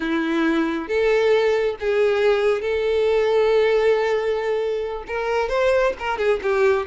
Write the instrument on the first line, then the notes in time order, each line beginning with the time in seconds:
violin
0.00 E4
0.87 A4
1.79 G#4
2.61 A4
5.07 A#4
5.48 C5
5.99 A#4
6.18 G#4
6.42 G4